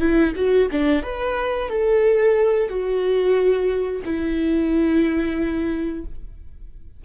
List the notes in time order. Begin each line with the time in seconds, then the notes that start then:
0.00 E4
0.35 F#4
0.72 D4
1.03 B4
1.69 A4
2.69 F#4
4.05 E4